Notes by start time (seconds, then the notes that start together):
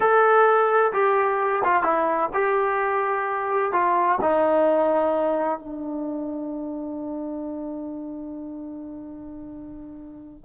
0.00 A4
0.93 G4
1.64 F4
1.83 E4
2.33 G4
3.72 F4
4.21 D#4
5.59 D4